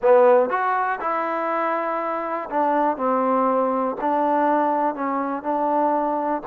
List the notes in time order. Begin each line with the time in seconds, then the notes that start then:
0.02 B3
0.49 F#4
1.00 E4
2.50 D4
2.96 C4
4.01 D4
4.94 C#4
5.43 D4